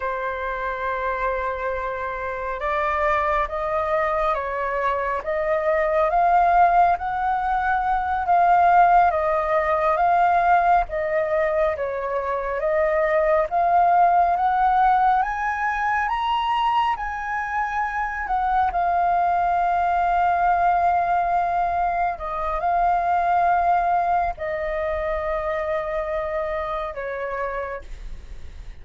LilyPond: \new Staff \with { instrumentName = "flute" } { \time 4/4 \tempo 4 = 69 c''2. d''4 | dis''4 cis''4 dis''4 f''4 | fis''4. f''4 dis''4 f''8~ | f''8 dis''4 cis''4 dis''4 f''8~ |
f''8 fis''4 gis''4 ais''4 gis''8~ | gis''4 fis''8 f''2~ f''8~ | f''4. dis''8 f''2 | dis''2. cis''4 | }